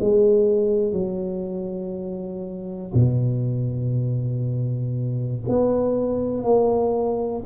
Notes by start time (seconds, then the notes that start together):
0.00 G#3
0.92 F#3
2.94 B2
5.48 B3
6.44 A#3